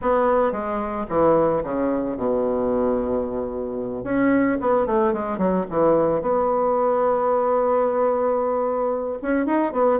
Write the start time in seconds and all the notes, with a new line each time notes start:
0.01 B3
0.52 G#3
1.09 E3
1.63 C#3
2.16 B2
4.04 C#4
4.60 B3
4.86 A3
5.13 G#3
5.38 F#3
5.70 E3
6.21 B3
9.22 C#4
9.46 D#4
9.72 B3